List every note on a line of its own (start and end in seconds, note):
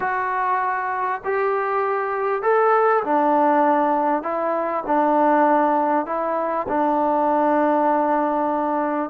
0.00 1.21 F#4
1.24 2.42 G4
2.42 3.03 A4
3.04 4.23 D4
4.23 4.83 E4
4.86 6.06 D4
6.06 6.66 E4
6.68 9.10 D4